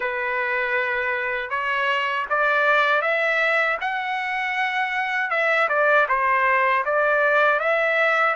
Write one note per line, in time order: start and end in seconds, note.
0.00 1.50 B4
1.50 2.26 C#5
2.29 3.01 D5
3.01 3.77 E5
3.80 5.30 F#5
5.30 5.68 E5
5.69 6.07 D5
6.08 6.84 C5
6.85 7.59 D5
7.59 8.35 E5